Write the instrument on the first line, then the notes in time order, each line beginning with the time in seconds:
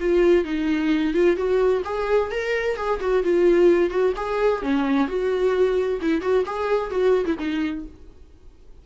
viola
0.00 F4
0.44 D#4
1.13 F4
1.37 F#4
1.85 G#4
2.31 A#4
2.77 G#4
3.00 F#4
3.23 F4
3.90 F#4
4.16 G#4
4.62 C#4
5.08 F#4
6.01 E4
6.21 F#4
6.46 G#4
6.90 F#4
7.25 E4
7.39 D#4